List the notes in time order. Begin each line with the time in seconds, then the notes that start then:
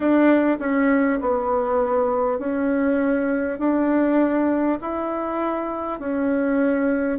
0.00 D4
0.59 C#4
1.20 B3
2.38 C#4
3.58 D4
4.81 E4
5.99 C#4